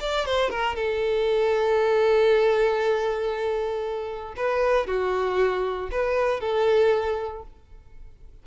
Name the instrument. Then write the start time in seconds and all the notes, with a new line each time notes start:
violin
0.00 D5
0.26 C5
0.50 A#4
0.76 A4
4.37 B4
4.87 F#4
5.91 B4
6.41 A4